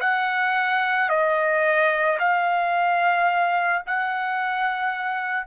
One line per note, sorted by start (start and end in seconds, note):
0.00 1.09 F#5
1.09 2.18 D#5
2.19 3.83 F5
3.86 5.46 F#5